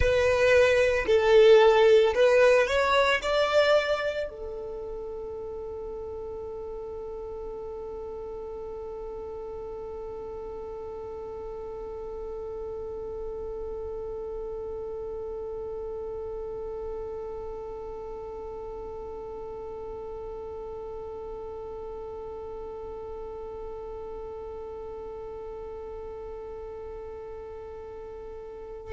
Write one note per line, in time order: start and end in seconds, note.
0.00 1.05 B4
1.07 2.14 A4
2.14 2.67 B4
2.67 3.20 C#5
3.22 4.29 D5
4.29 28.93 A4